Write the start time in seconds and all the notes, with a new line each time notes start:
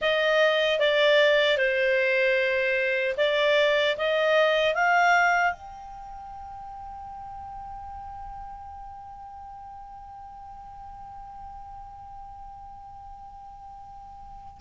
0.01 D#5
0.79 D5
1.57 C5
3.17 D5
3.97 D#5
4.74 F5
5.52 G5